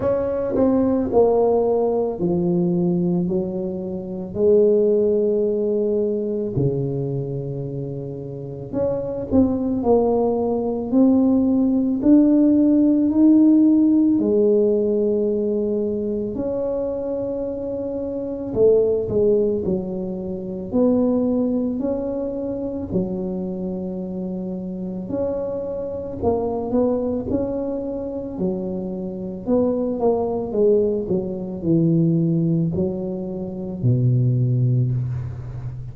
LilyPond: \new Staff \with { instrumentName = "tuba" } { \time 4/4 \tempo 4 = 55 cis'8 c'8 ais4 f4 fis4 | gis2 cis2 | cis'8 c'8 ais4 c'4 d'4 | dis'4 gis2 cis'4~ |
cis'4 a8 gis8 fis4 b4 | cis'4 fis2 cis'4 | ais8 b8 cis'4 fis4 b8 ais8 | gis8 fis8 e4 fis4 b,4 | }